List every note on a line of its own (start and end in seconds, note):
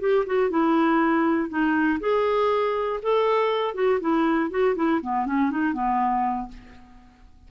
0.00 0.25 G4
0.26 0.50 F#4
0.50 1.49 E4
1.49 1.99 D#4
2.00 3.00 G#4
3.02 3.75 A4
3.75 4.00 F#4
4.00 4.50 E4
4.50 4.75 F#4
4.76 5.01 E4
5.02 5.26 B3
5.26 5.51 C#4
5.51 5.73 D#4
5.73 6.48 B3